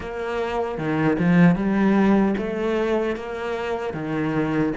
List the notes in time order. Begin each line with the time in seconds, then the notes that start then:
0.00 A#3
0.78 D#3
1.18 F3
1.55 G3
2.37 A3
3.16 A#3
3.93 D#3